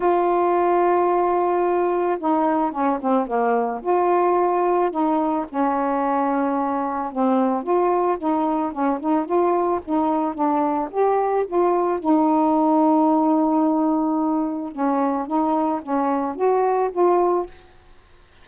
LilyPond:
\new Staff \with { instrumentName = "saxophone" } { \time 4/4 \tempo 4 = 110 f'1 | dis'4 cis'8 c'8 ais4 f'4~ | f'4 dis'4 cis'2~ | cis'4 c'4 f'4 dis'4 |
cis'8 dis'8 f'4 dis'4 d'4 | g'4 f'4 dis'2~ | dis'2. cis'4 | dis'4 cis'4 fis'4 f'4 | }